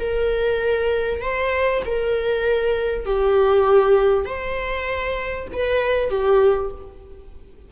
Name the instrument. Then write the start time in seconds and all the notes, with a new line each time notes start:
viola
0.00 A#4
1.21 C5
1.86 A#4
3.06 G4
4.26 C5
5.53 B4
6.10 G4